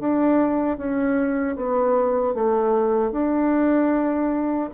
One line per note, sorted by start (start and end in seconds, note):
0.00 0.78 D4
0.78 1.56 C#4
1.56 2.35 B3
2.35 3.12 A3
3.12 4.70 D4